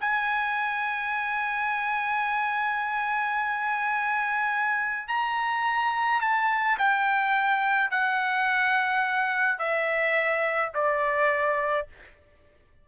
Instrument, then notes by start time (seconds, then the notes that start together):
trumpet
0.00 G#5
5.08 A#5
6.21 A5
6.78 G5
7.91 F#5
9.58 E5
10.74 D5